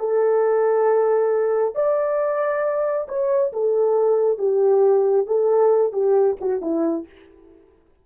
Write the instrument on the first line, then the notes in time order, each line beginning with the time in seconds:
horn
0.00 A4
1.75 D5
3.09 C#5
3.53 A4
4.39 G4
5.27 A4
5.93 G4
6.41 F#4
6.62 E4